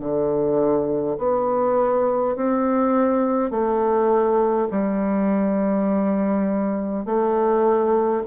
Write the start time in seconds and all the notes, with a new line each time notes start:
0.00 D3
1.19 B3
2.36 C4
3.51 A3
4.71 G3
7.06 A3